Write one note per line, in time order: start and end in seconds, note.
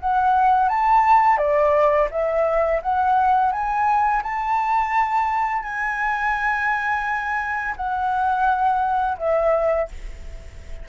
0.00 0.69 F#5
0.69 1.38 A5
1.38 2.08 D5
2.11 2.81 E5
2.82 3.52 F#5
3.52 4.23 G#5
4.23 5.63 A5
5.63 7.75 G#5
7.76 9.18 F#5
9.18 9.89 E5